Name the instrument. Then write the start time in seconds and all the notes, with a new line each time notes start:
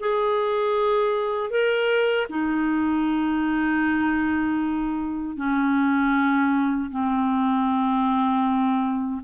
clarinet
0.00 G#4
1.51 A#4
2.30 D#4
5.37 C#4
6.91 C4